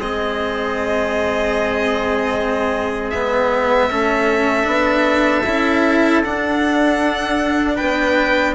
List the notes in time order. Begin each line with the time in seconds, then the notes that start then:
0.00 G#3 C4 G#4 D#5
3.10 B3 E5
3.90 A3 C#4 A4
4.64 B3 D4
5.46 C#4 E4
6.24 D4 F#5
7.76 B3 B4 G5